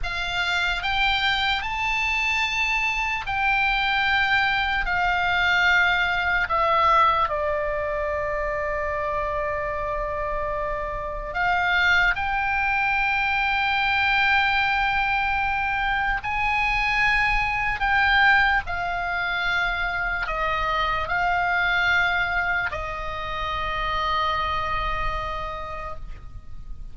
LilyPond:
\new Staff \with { instrumentName = "oboe" } { \time 4/4 \tempo 4 = 74 f''4 g''4 a''2 | g''2 f''2 | e''4 d''2.~ | d''2 f''4 g''4~ |
g''1 | gis''2 g''4 f''4~ | f''4 dis''4 f''2 | dis''1 | }